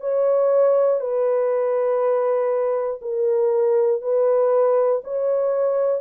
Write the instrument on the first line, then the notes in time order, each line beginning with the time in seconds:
horn
0.00 C#5
1.00 B4
3.02 A#4
4.02 B4
5.04 C#5